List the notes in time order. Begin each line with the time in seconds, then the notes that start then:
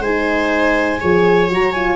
0.00 G#3 D#4 C5 G#5
1.01 F3 G#4 C#5
1.50 F#3 F#4 A#5
1.73 F4 G#5